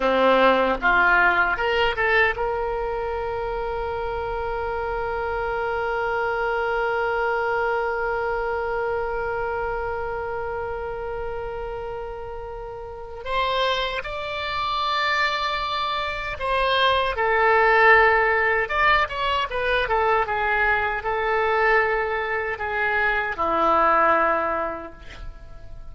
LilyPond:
\new Staff \with { instrumentName = "oboe" } { \time 4/4 \tempo 4 = 77 c'4 f'4 ais'8 a'8 ais'4~ | ais'1~ | ais'1~ | ais'1~ |
ais'4 c''4 d''2~ | d''4 c''4 a'2 | d''8 cis''8 b'8 a'8 gis'4 a'4~ | a'4 gis'4 e'2 | }